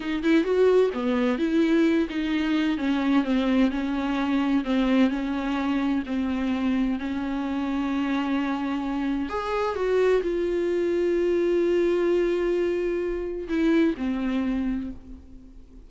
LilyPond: \new Staff \with { instrumentName = "viola" } { \time 4/4 \tempo 4 = 129 dis'8 e'8 fis'4 b4 e'4~ | e'8 dis'4. cis'4 c'4 | cis'2 c'4 cis'4~ | cis'4 c'2 cis'4~ |
cis'1 | gis'4 fis'4 f'2~ | f'1~ | f'4 e'4 c'2 | }